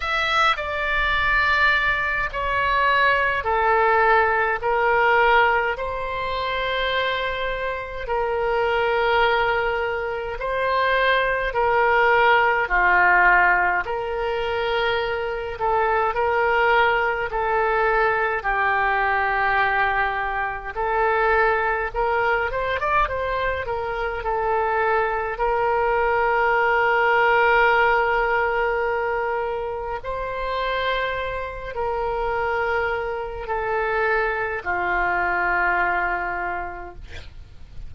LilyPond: \new Staff \with { instrumentName = "oboe" } { \time 4/4 \tempo 4 = 52 e''8 d''4. cis''4 a'4 | ais'4 c''2 ais'4~ | ais'4 c''4 ais'4 f'4 | ais'4. a'8 ais'4 a'4 |
g'2 a'4 ais'8 c''16 d''16 | c''8 ais'8 a'4 ais'2~ | ais'2 c''4. ais'8~ | ais'4 a'4 f'2 | }